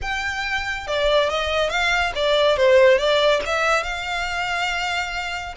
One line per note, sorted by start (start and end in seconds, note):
0.01 0.87 G5
0.87 1.29 D5
1.29 1.69 D#5
1.69 2.12 F5
2.15 2.56 D5
2.56 2.98 C5
2.98 3.41 D5
3.45 3.83 E5
3.83 5.54 F5